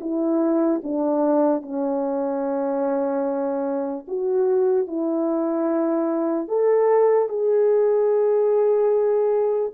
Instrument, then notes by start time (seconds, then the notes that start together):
horn
0.00 E4
0.83 D4
1.62 C#4
4.07 F#4
4.87 E4
6.48 A4
7.29 G#4